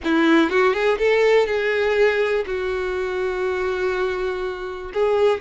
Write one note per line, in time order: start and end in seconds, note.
0.04 0.50 E4
0.50 0.73 F#4
0.73 0.98 G#4
0.98 1.46 A4
1.46 2.45 G#4
2.46 4.92 F#4
4.93 5.40 G#4